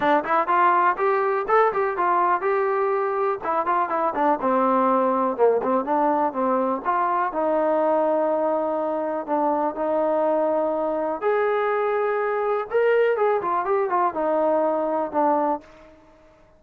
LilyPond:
\new Staff \with { instrumentName = "trombone" } { \time 4/4 \tempo 4 = 123 d'8 e'8 f'4 g'4 a'8 g'8 | f'4 g'2 e'8 f'8 | e'8 d'8 c'2 ais8 c'8 | d'4 c'4 f'4 dis'4~ |
dis'2. d'4 | dis'2. gis'4~ | gis'2 ais'4 gis'8 f'8 | g'8 f'8 dis'2 d'4 | }